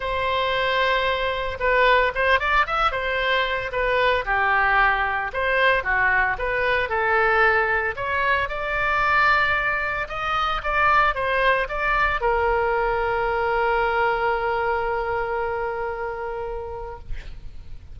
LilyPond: \new Staff \with { instrumentName = "oboe" } { \time 4/4 \tempo 4 = 113 c''2. b'4 | c''8 d''8 e''8 c''4. b'4 | g'2 c''4 fis'4 | b'4 a'2 cis''4 |
d''2. dis''4 | d''4 c''4 d''4 ais'4~ | ais'1~ | ais'1 | }